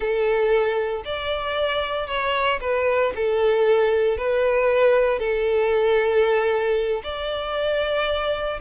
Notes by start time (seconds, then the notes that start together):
0.00 A4
1.04 D5
2.07 C#5
2.60 B4
3.15 A4
4.17 B4
5.19 A4
7.03 D5